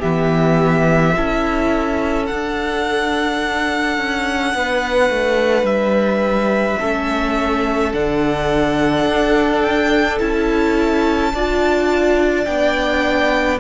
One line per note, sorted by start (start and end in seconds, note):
0.00 1.17 E3
0.00 1.16 B3
0.00 1.13 G4
0.00 2.26 E5
1.16 2.30 C#4
1.16 2.28 E4
1.16 4.56 A4
2.26 6.80 D4
2.26 3.98 D4
2.26 5.66 F#5
3.98 4.54 C#4
4.55 5.10 B3
4.55 6.80 B4
5.10 5.63 A3
5.63 6.77 G3
5.63 7.93 E5
6.80 7.94 A3
6.80 7.93 C#4
6.80 11.33 A4
7.93 9.06 D3
7.93 10.20 D4
7.93 9.62 F#5
9.06 10.19 D4
9.62 10.18 G5
10.19 11.34 C#4
10.19 11.33 E4
10.19 12.45 A5
11.34 12.47 D4
11.34 12.46 F4
11.34 13.60 D5
12.45 13.60 B3
12.45 13.59 D4
12.45 13.58 G5